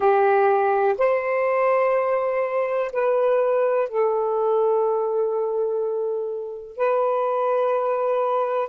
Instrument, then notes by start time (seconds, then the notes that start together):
saxophone
0.00 G4
0.98 C5
2.92 B4
3.88 A4
6.77 B4